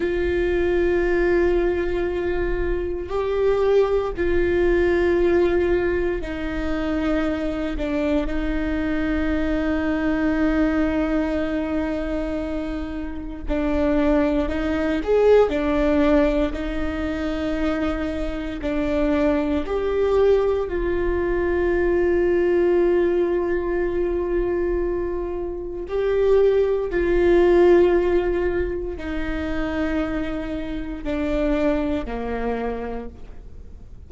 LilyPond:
\new Staff \with { instrumentName = "viola" } { \time 4/4 \tempo 4 = 58 f'2. g'4 | f'2 dis'4. d'8 | dis'1~ | dis'4 d'4 dis'8 gis'8 d'4 |
dis'2 d'4 g'4 | f'1~ | f'4 g'4 f'2 | dis'2 d'4 ais4 | }